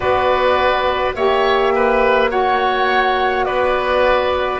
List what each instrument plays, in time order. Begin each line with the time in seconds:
0.00 double bass B3, saxophone F#4, oboe B4, flute D5
1.15 double bass A#3, saxophone G4, oboe C#5, flute E5
1.75 oboe B4
2.29 saxophone F#4, oboe C#5, flute F#5
3.44 double bass B3, oboe B4, flute D5